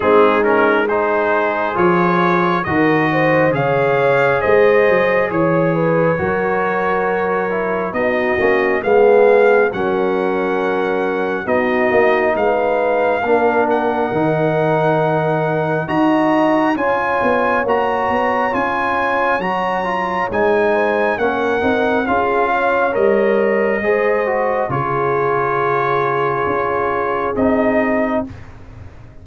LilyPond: <<
  \new Staff \with { instrumentName = "trumpet" } { \time 4/4 \tempo 4 = 68 gis'8 ais'8 c''4 cis''4 dis''4 | f''4 dis''4 cis''2~ | cis''4 dis''4 f''4 fis''4~ | fis''4 dis''4 f''4. fis''8~ |
fis''2 ais''4 gis''4 | ais''4 gis''4 ais''4 gis''4 | fis''4 f''4 dis''2 | cis''2. dis''4 | }
  \new Staff \with { instrumentName = "horn" } { \time 4/4 dis'4 gis'2 ais'8 c''8 | cis''4 c''4 cis''8 b'8 ais'4~ | ais'4 fis'4 gis'4 ais'4~ | ais'4 fis'4 b'4 ais'4~ |
ais'2 dis''4 cis''4~ | cis''2.~ cis''8 c''8 | ais'4 gis'8 cis''4. c''4 | gis'1 | }
  \new Staff \with { instrumentName = "trombone" } { \time 4/4 c'8 cis'8 dis'4 f'4 fis'4 | gis'2. fis'4~ | fis'8 e'8 dis'8 cis'8 b4 cis'4~ | cis'4 dis'2 d'4 |
dis'2 fis'4 f'4 | fis'4 f'4 fis'8 f'8 dis'4 | cis'8 dis'8 f'4 ais'4 gis'8 fis'8 | f'2. dis'4 | }
  \new Staff \with { instrumentName = "tuba" } { \time 4/4 gis2 f4 dis4 | cis4 gis8 fis8 e4 fis4~ | fis4 b8 ais8 gis4 fis4~ | fis4 b8 ais8 gis4 ais4 |
dis2 dis'4 cis'8 b8 | ais8 b8 cis'4 fis4 gis4 | ais8 c'8 cis'4 g4 gis4 | cis2 cis'4 c'4 | }
>>